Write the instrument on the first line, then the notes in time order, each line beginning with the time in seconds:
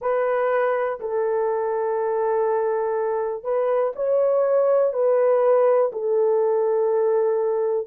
horn
0.01 B4
1.00 A4
3.43 B4
3.95 C#5
4.93 B4
5.92 A4